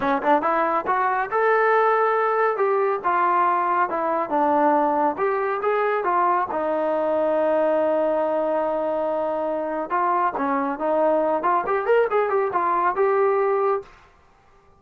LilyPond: \new Staff \with { instrumentName = "trombone" } { \time 4/4 \tempo 4 = 139 cis'8 d'8 e'4 fis'4 a'4~ | a'2 g'4 f'4~ | f'4 e'4 d'2 | g'4 gis'4 f'4 dis'4~ |
dis'1~ | dis'2. f'4 | cis'4 dis'4. f'8 g'8 ais'8 | gis'8 g'8 f'4 g'2 | }